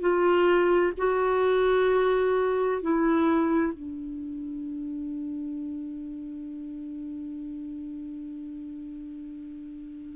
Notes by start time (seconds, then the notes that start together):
0.00 F4
0.97 F#4
2.82 E4
3.73 D4